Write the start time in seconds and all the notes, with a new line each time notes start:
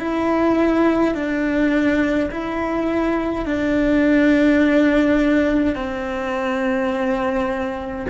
0.00 E4
1.14 D4
2.31 E4
3.45 D4
5.76 C4